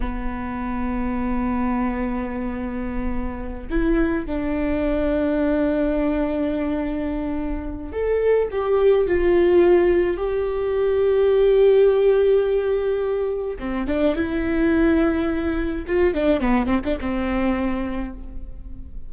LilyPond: \new Staff \with { instrumentName = "viola" } { \time 4/4 \tempo 4 = 106 b1~ | b2~ b8 e'4 d'8~ | d'1~ | d'2 a'4 g'4 |
f'2 g'2~ | g'1 | c'8 d'8 e'2. | f'8 d'8 b8 c'16 d'16 c'2 | }